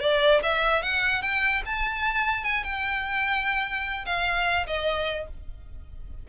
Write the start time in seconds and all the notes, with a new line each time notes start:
0.00 D5
0.43 E5
0.83 F#5
1.22 G5
1.66 A5
2.44 G#5
2.64 G5
4.06 F5
4.67 D#5